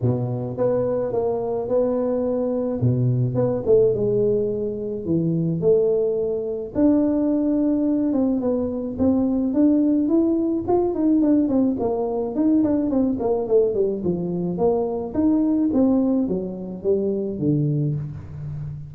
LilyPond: \new Staff \with { instrumentName = "tuba" } { \time 4/4 \tempo 4 = 107 b,4 b4 ais4 b4~ | b4 b,4 b8 a8 gis4~ | gis4 e4 a2 | d'2~ d'8 c'8 b4 |
c'4 d'4 e'4 f'8 dis'8 | d'8 c'8 ais4 dis'8 d'8 c'8 ais8 | a8 g8 f4 ais4 dis'4 | c'4 fis4 g4 d4 | }